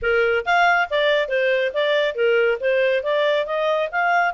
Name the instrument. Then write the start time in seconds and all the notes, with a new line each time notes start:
clarinet
0.02 A#4
0.45 F5
0.90 D5
1.28 C5
1.73 D5
2.14 A#4
2.60 C5
3.03 D5
3.46 D#5
3.91 F5